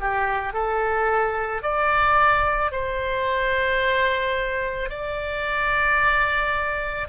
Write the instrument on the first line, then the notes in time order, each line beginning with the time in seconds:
oboe
0.00 G4
0.53 A4
1.63 D5
2.72 C5
4.90 D5